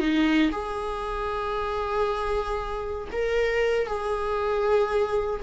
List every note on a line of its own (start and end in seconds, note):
0.00 0.51 D#4
0.52 3.08 G#4
3.12 3.87 A#4
3.87 5.41 G#4